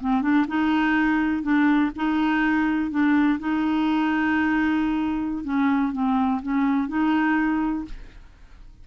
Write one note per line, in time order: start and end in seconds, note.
0.00 0.21 C4
0.21 0.46 D4
0.48 1.42 D#4
1.42 1.91 D4
1.95 2.90 D#4
2.90 3.39 D4
3.39 5.44 D#4
5.44 5.92 C#4
5.92 6.40 C4
6.42 6.88 C#4
6.88 7.85 D#4